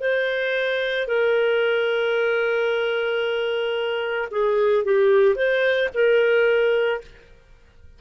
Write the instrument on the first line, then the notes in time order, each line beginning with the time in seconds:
clarinet
0.00 C5
1.07 A#4
4.31 G#4
4.85 G4
5.35 C5
5.93 A#4